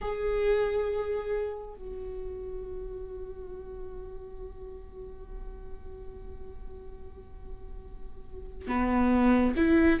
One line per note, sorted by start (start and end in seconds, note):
0.01 1.74 G#4
1.74 8.67 F#4
8.67 9.54 B3
9.56 10.00 E4